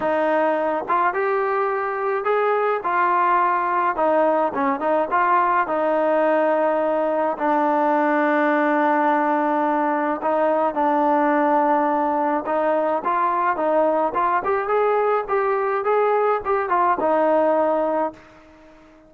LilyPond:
\new Staff \with { instrumentName = "trombone" } { \time 4/4 \tempo 4 = 106 dis'4. f'8 g'2 | gis'4 f'2 dis'4 | cis'8 dis'8 f'4 dis'2~ | dis'4 d'2.~ |
d'2 dis'4 d'4~ | d'2 dis'4 f'4 | dis'4 f'8 g'8 gis'4 g'4 | gis'4 g'8 f'8 dis'2 | }